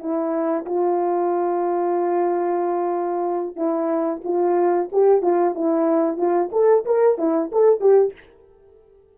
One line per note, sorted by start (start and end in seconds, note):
0.00 0.65 E4
0.66 3.56 F4
3.56 4.22 E4
4.24 4.89 F4
4.92 5.22 G4
5.22 5.55 F4
5.55 6.17 E4
6.17 6.50 F4
6.52 6.85 A4
6.85 7.18 A#4
7.18 7.51 E4
7.52 7.81 A4
7.81 8.13 G4